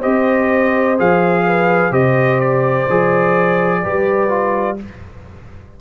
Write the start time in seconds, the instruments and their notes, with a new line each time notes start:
0.00 tuba C4, trombone G4, horn C5, trumpet D#5
0.98 tuba F3, trombone G#4, trumpet F5
1.47 horn B4
1.91 tuba C3, trombone G4, horn C5, trumpet D#5
2.41 trumpet D5
2.90 tuba F3, trombone G#4
3.83 tuba G3, trombone G4, horn B4
4.29 trombone F4